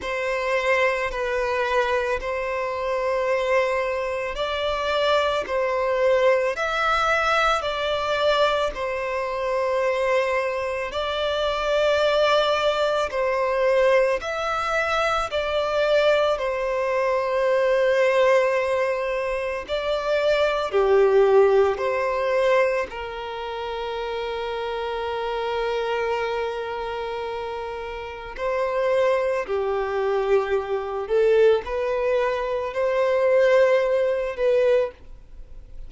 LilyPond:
\new Staff \with { instrumentName = "violin" } { \time 4/4 \tempo 4 = 55 c''4 b'4 c''2 | d''4 c''4 e''4 d''4 | c''2 d''2 | c''4 e''4 d''4 c''4~ |
c''2 d''4 g'4 | c''4 ais'2.~ | ais'2 c''4 g'4~ | g'8 a'8 b'4 c''4. b'8 | }